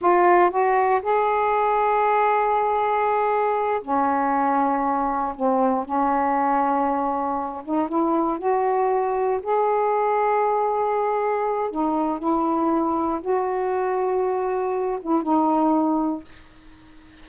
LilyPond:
\new Staff \with { instrumentName = "saxophone" } { \time 4/4 \tempo 4 = 118 f'4 fis'4 gis'2~ | gis'2.~ gis'8 cis'8~ | cis'2~ cis'8 c'4 cis'8~ | cis'2. dis'8 e'8~ |
e'8 fis'2 gis'4.~ | gis'2. dis'4 | e'2 fis'2~ | fis'4. e'8 dis'2 | }